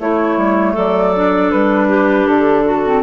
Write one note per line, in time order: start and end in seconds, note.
0.00 0.37 A3
0.00 1.14 A3
0.00 0.73 E4
0.00 0.76 C#5
0.37 0.75 G3
0.73 1.52 F#3
0.73 1.87 A4
0.73 1.51 D5
1.16 2.85 D4
1.51 2.27 G3
1.51 2.27 B4
1.88 2.64 G4
2.27 3.03 D3
2.27 3.03 A4
2.65 3.03 F#4
2.85 3.03 C4